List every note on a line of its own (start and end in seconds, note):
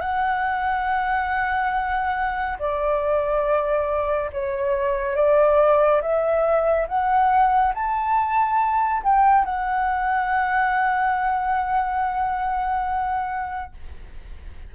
0.00 2.57 F#5
2.59 4.30 D5
4.32 5.15 C#5
5.15 6.01 D5
6.01 6.87 E5
6.88 7.73 F#5
7.74 9.03 A5
9.03 9.44 G5
9.44 13.73 F#5